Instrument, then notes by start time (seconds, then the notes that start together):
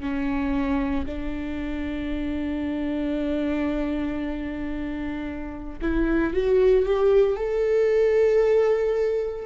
viola
0.00 C#4
1.06 D4
5.81 E4
6.33 F#4
6.85 G4
7.36 A4